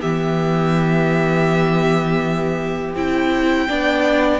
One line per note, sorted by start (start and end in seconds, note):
0.00 2.95 E3
0.00 2.94 B3
0.00 3.66 G4
0.00 2.94 E5
2.95 3.68 C4
2.95 3.68 E4
2.95 4.39 G5
3.68 4.39 B3
3.68 4.39 D4
3.68 4.39 D5